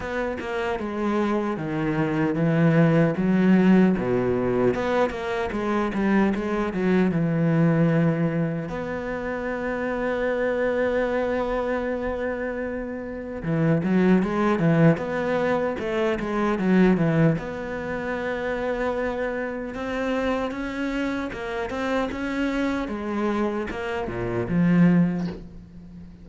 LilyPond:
\new Staff \with { instrumentName = "cello" } { \time 4/4 \tempo 4 = 76 b8 ais8 gis4 dis4 e4 | fis4 b,4 b8 ais8 gis8 g8 | gis8 fis8 e2 b4~ | b1~ |
b4 e8 fis8 gis8 e8 b4 | a8 gis8 fis8 e8 b2~ | b4 c'4 cis'4 ais8 c'8 | cis'4 gis4 ais8 ais,8 f4 | }